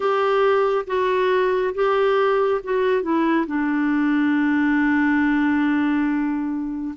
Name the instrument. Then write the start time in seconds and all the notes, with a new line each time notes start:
clarinet
0.00 G4
0.87 F#4
1.74 G4
2.63 F#4
3.02 E4
3.47 D4